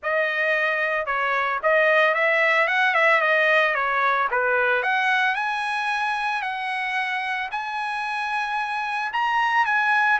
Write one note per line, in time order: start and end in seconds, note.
0.03 1.06 D#5
1.06 1.59 C#5
1.62 2.14 D#5
2.14 2.67 E5
2.67 2.94 F#5
2.94 3.21 E5
3.21 3.74 D#5
3.74 4.28 C#5
4.31 4.82 B4
4.82 5.35 F#5
5.35 6.42 G#5
6.42 7.49 F#5
7.51 9.11 G#5
9.12 9.65 A#5
9.65 10.19 G#5